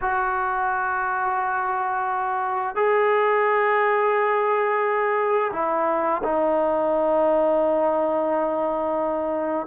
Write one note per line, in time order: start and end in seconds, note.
0.01 2.75 F#4
2.75 5.51 G#4
5.53 6.22 E4
6.23 9.66 D#4